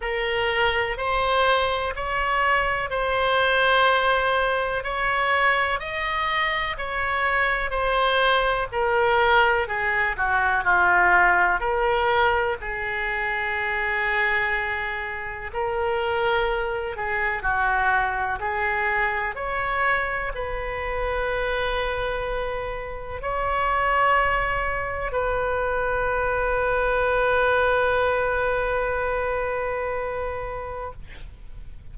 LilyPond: \new Staff \with { instrumentName = "oboe" } { \time 4/4 \tempo 4 = 62 ais'4 c''4 cis''4 c''4~ | c''4 cis''4 dis''4 cis''4 | c''4 ais'4 gis'8 fis'8 f'4 | ais'4 gis'2. |
ais'4. gis'8 fis'4 gis'4 | cis''4 b'2. | cis''2 b'2~ | b'1 | }